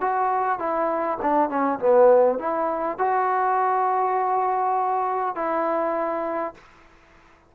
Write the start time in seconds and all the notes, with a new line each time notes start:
0.00 F#4
0.59 E4
1.21 D4
1.49 C#4
1.79 B3
2.38 E4
2.98 F#4
5.35 E4